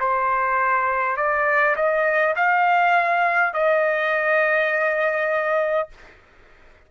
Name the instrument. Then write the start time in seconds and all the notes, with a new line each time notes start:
trumpet
0.00 C5
1.17 D5
1.76 D#5
2.36 F5
3.53 D#5